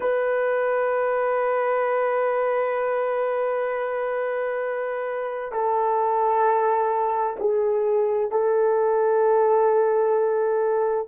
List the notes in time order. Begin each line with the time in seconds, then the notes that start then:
0.00 B4
5.51 A4
7.39 G#4
8.31 A4